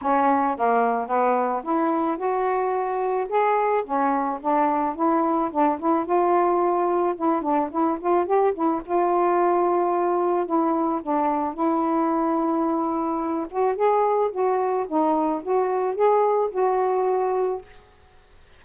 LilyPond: \new Staff \with { instrumentName = "saxophone" } { \time 4/4 \tempo 4 = 109 cis'4 ais4 b4 e'4 | fis'2 gis'4 cis'4 | d'4 e'4 d'8 e'8 f'4~ | f'4 e'8 d'8 e'8 f'8 g'8 e'8 |
f'2. e'4 | d'4 e'2.~ | e'8 fis'8 gis'4 fis'4 dis'4 | fis'4 gis'4 fis'2 | }